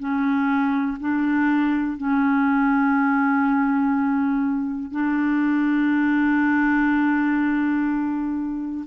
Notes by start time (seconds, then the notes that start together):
0.00 C#4
1.01 D4
1.98 C#4
4.92 D4